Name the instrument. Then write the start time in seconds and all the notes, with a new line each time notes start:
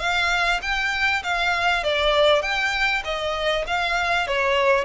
violin
0.00 F5
0.62 G5
1.24 F5
1.84 D5
2.42 G5
3.05 D#5
3.67 F5
4.27 C#5